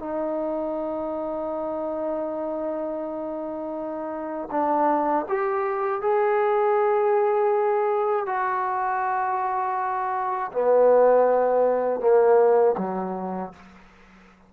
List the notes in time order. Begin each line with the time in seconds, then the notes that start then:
0.00 D#4
4.51 D4
5.29 G4
6.02 G#4
8.27 F#4
10.52 B3
12.01 A#3
12.78 F#3